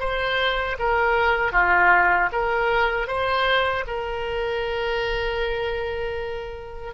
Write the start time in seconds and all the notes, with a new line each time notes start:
0.00 C5
0.79 A#4
1.53 F4
2.33 A#4
3.08 C5
3.87 A#4